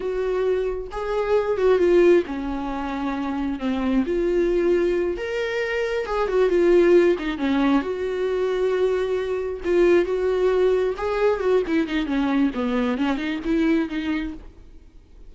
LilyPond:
\new Staff \with { instrumentName = "viola" } { \time 4/4 \tempo 4 = 134 fis'2 gis'4. fis'8 | f'4 cis'2. | c'4 f'2~ f'8 ais'8~ | ais'4. gis'8 fis'8 f'4. |
dis'8 cis'4 fis'2~ fis'8~ | fis'4. f'4 fis'4.~ | fis'8 gis'4 fis'8 e'8 dis'8 cis'4 | b4 cis'8 dis'8 e'4 dis'4 | }